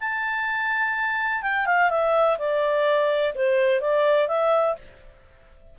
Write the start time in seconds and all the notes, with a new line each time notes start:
0.00 A5
1.43 G5
1.66 F5
1.90 E5
2.39 D5
3.35 C5
3.81 D5
4.28 E5